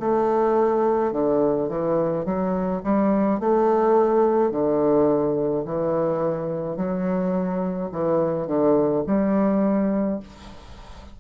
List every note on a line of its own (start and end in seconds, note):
0.00 1.13 A3
1.13 1.69 D3
1.69 2.25 E3
2.25 2.82 F#3
2.84 3.40 G3
3.40 4.51 A3
4.51 5.64 D3
5.66 6.77 E3
6.77 7.90 F#3
7.92 8.47 E3
8.47 9.04 D3
9.07 10.20 G3